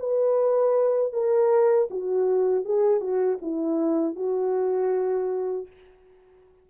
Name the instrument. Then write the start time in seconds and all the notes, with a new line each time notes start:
horn
0.00 B4
1.13 A#4
1.91 F#4
2.65 G#4
3.01 F#4
3.42 E4
4.16 F#4